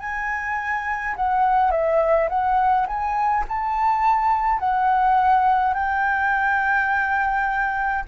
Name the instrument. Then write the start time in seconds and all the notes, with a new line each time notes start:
flute
0.00 G#5
1.16 F#5
1.72 E5
2.29 F#5
2.87 G#5
3.49 A5
4.60 F#5
5.74 G5